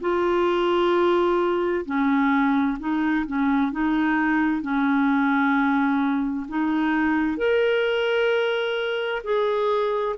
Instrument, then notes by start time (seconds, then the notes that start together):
clarinet
0.00 F4
1.85 C#4
2.79 D#4
3.26 C#4
3.71 D#4
4.62 C#4
6.48 D#4
7.37 A#4
9.23 G#4